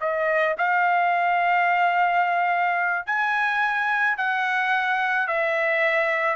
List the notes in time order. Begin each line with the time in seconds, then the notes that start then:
0.00 D#5
0.57 F5
3.06 G#5
4.17 F#5
5.27 E5